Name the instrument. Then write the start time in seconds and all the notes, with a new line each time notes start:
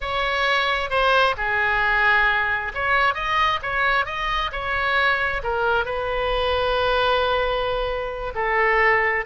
oboe
0.00 C#5
0.90 C5
1.37 G#4
2.74 C#5
3.14 D#5
3.62 C#5
4.05 D#5
4.52 C#5
5.43 A#4
5.85 B4
8.35 A4